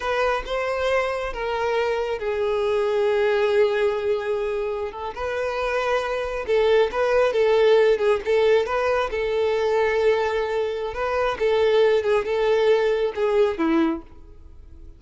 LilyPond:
\new Staff \with { instrumentName = "violin" } { \time 4/4 \tempo 4 = 137 b'4 c''2 ais'4~ | ais'4 gis'2.~ | gis'2.~ gis'16 a'8 b'16~ | b'2~ b'8. a'4 b'16~ |
b'8. a'4. gis'8 a'4 b'16~ | b'8. a'2.~ a'16~ | a'4 b'4 a'4. gis'8 | a'2 gis'4 e'4 | }